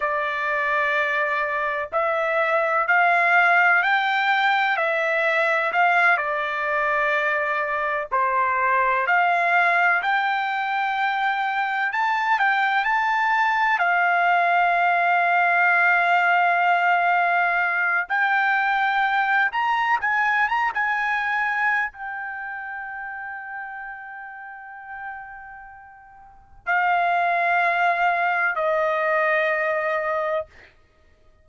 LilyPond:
\new Staff \with { instrumentName = "trumpet" } { \time 4/4 \tempo 4 = 63 d''2 e''4 f''4 | g''4 e''4 f''8 d''4.~ | d''8 c''4 f''4 g''4.~ | g''8 a''8 g''8 a''4 f''4.~ |
f''2. g''4~ | g''8 ais''8 gis''8 ais''16 gis''4~ gis''16 g''4~ | g''1 | f''2 dis''2 | }